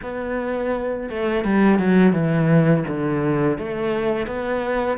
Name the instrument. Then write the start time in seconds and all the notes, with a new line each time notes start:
cello
0.02 B3
1.09 A3
1.44 G3
1.78 F#3
2.12 E3
2.87 D3
3.57 A3
4.27 B3